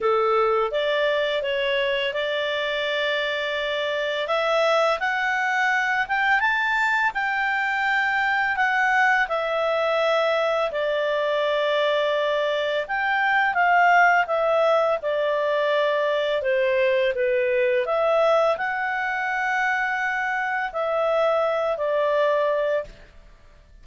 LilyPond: \new Staff \with { instrumentName = "clarinet" } { \time 4/4 \tempo 4 = 84 a'4 d''4 cis''4 d''4~ | d''2 e''4 fis''4~ | fis''8 g''8 a''4 g''2 | fis''4 e''2 d''4~ |
d''2 g''4 f''4 | e''4 d''2 c''4 | b'4 e''4 fis''2~ | fis''4 e''4. d''4. | }